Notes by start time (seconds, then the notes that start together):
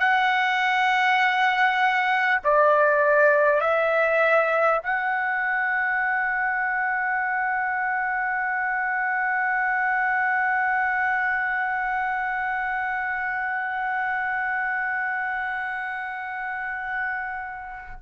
0.00 F#5
2.44 D5
3.61 E5
4.83 F#5